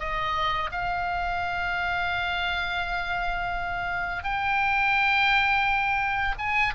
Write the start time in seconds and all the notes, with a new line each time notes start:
0.00 D#5
0.72 F5
4.24 G5
6.39 G#5